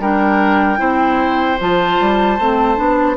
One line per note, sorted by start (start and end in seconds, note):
0.00 0.79 G3
0.00 0.78 D4
0.00 0.80 A#4
0.00 1.59 G5
0.78 1.59 C4
0.78 1.57 E4
0.78 3.16 C5
1.60 2.00 F3
1.60 2.39 F4
1.60 3.17 A5
2.00 2.39 G3
2.39 2.78 A3
2.39 2.76 C4
2.76 3.17 B3
2.76 3.16 D4